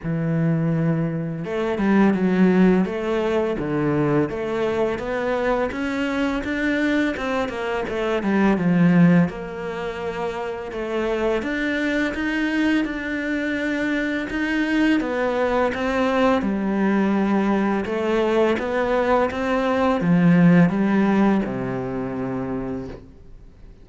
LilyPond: \new Staff \with { instrumentName = "cello" } { \time 4/4 \tempo 4 = 84 e2 a8 g8 fis4 | a4 d4 a4 b4 | cis'4 d'4 c'8 ais8 a8 g8 | f4 ais2 a4 |
d'4 dis'4 d'2 | dis'4 b4 c'4 g4~ | g4 a4 b4 c'4 | f4 g4 c2 | }